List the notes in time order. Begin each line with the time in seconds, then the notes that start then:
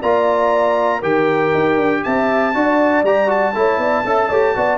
0.00 A#3 F4 D5 A#5
0.99 D#3 G4 A#4 G5
1.54 D#4
1.76 D4
2.03 C4 E5 A5
2.54 D4 F#4 D5
3.03 G3 G4 A#5
3.27 F#4 A5
3.54 A3 E4 C#5
3.77 B3 D5
4.04 C#4 A4 E5
4.29 A3 G4 C#5
4.55 B3 F#4 D5